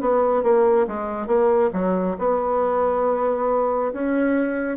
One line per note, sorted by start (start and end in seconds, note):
0.00 0.43 B3
0.43 0.86 A#3
0.87 1.26 G#3
1.26 1.70 A#3
1.72 2.16 F#3
2.18 3.92 B3
3.92 4.77 C#4